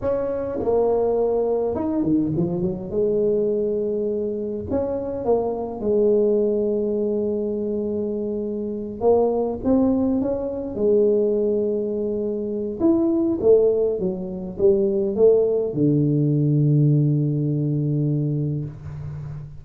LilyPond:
\new Staff \with { instrumentName = "tuba" } { \time 4/4 \tempo 4 = 103 cis'4 ais2 dis'8 dis8 | f8 fis8 gis2. | cis'4 ais4 gis2~ | gis2.~ gis8 ais8~ |
ais8 c'4 cis'4 gis4.~ | gis2 e'4 a4 | fis4 g4 a4 d4~ | d1 | }